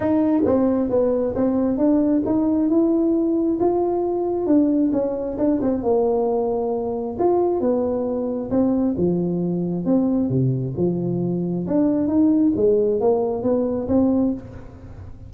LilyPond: \new Staff \with { instrumentName = "tuba" } { \time 4/4 \tempo 4 = 134 dis'4 c'4 b4 c'4 | d'4 dis'4 e'2 | f'2 d'4 cis'4 | d'8 c'8 ais2. |
f'4 b2 c'4 | f2 c'4 c4 | f2 d'4 dis'4 | gis4 ais4 b4 c'4 | }